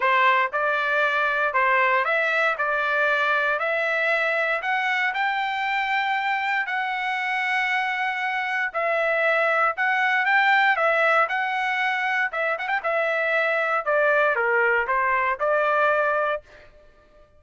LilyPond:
\new Staff \with { instrumentName = "trumpet" } { \time 4/4 \tempo 4 = 117 c''4 d''2 c''4 | e''4 d''2 e''4~ | e''4 fis''4 g''2~ | g''4 fis''2.~ |
fis''4 e''2 fis''4 | g''4 e''4 fis''2 | e''8 fis''16 g''16 e''2 d''4 | ais'4 c''4 d''2 | }